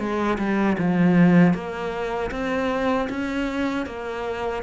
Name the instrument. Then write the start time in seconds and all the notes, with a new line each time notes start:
cello
0.00 G#3
0.39 G3
0.79 F3
1.54 A#3
2.31 C4
3.10 C#4
3.87 A#3